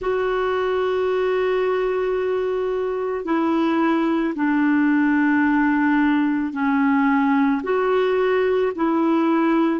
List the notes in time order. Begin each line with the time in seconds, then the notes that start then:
0.00 F#4
3.24 E4
4.35 D4
6.52 C#4
7.63 F#4
8.75 E4